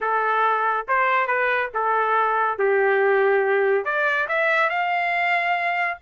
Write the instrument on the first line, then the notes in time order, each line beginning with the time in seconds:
trumpet
0.00 A4
0.87 C5
1.27 B4
1.74 A4
2.58 G4
3.85 D5
4.28 E5
4.69 F5